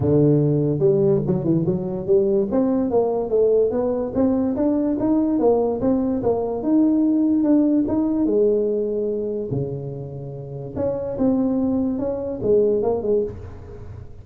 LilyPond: \new Staff \with { instrumentName = "tuba" } { \time 4/4 \tempo 4 = 145 d2 g4 fis8 e8 | fis4 g4 c'4 ais4 | a4 b4 c'4 d'4 | dis'4 ais4 c'4 ais4 |
dis'2 d'4 dis'4 | gis2. cis4~ | cis2 cis'4 c'4~ | c'4 cis'4 gis4 ais8 gis8 | }